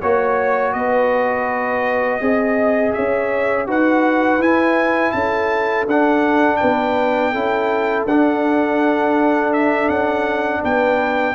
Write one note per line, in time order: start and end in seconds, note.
0.00 0.74 A#3
0.00 2.21 F#4
0.00 0.73 C#5
0.73 2.20 B3
0.73 2.22 B4
0.73 2.92 D#5
2.21 2.94 C4
2.21 3.67 G#4
2.21 2.95 D#5
2.93 3.68 C#4
2.93 3.68 C#5
2.93 3.66 E5
3.67 4.38 D#4
3.67 4.40 F#4
3.67 5.14 B4
3.67 4.42 F#5
4.38 5.11 E4
4.38 5.87 E4
4.38 5.12 G#5
5.12 5.87 C#4
5.12 6.60 A4
5.12 5.85 A5
5.87 6.60 D4
5.87 7.34 D4
5.87 6.57 F#5
6.57 7.34 B3
6.57 7.32 B4
6.57 8.03 G5
7.32 8.05 C#4
7.32 8.07 E4
7.32 10.61 A4
8.05 9.88 D4
8.05 11.35 D4
8.05 9.53 F#5
9.53 9.89 E5
9.89 10.62 C#4
9.89 10.62 F#5
10.62 11.35 B3
10.62 11.35 B4
10.62 11.35 G5